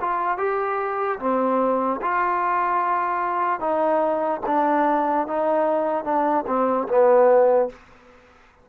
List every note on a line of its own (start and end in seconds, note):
0.00 0.38 F4
0.38 1.19 G4
1.19 2.00 C4
2.01 3.60 F4
3.60 4.41 D#4
4.46 5.27 D4
5.27 6.04 D#4
6.04 6.45 D4
6.47 6.87 C4
6.88 7.69 B3